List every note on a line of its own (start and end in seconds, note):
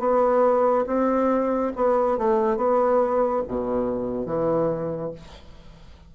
0.00 0.86 B3
0.87 1.73 C4
1.76 2.18 B3
2.18 2.57 A3
2.57 3.43 B3
3.48 4.26 B2
4.26 5.12 E3